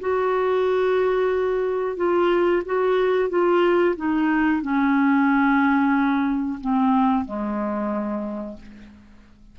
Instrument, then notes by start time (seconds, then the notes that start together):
clarinet
0.00 F#4
1.97 F4
2.65 F#4
3.29 F4
3.96 D#4
4.62 C#4
6.61 C4
7.25 G#3